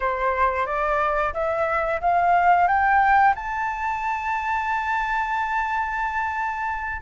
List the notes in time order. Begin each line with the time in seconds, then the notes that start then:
0.00 C5
0.66 D5
1.33 E5
2.01 F5
2.67 G5
3.35 A5